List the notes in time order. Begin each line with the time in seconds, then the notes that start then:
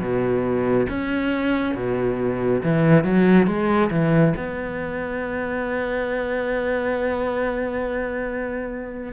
0.00 B2
0.89 C#4
1.75 B2
2.63 E3
3.04 F#3
3.47 G#3
3.91 E3
4.36 B3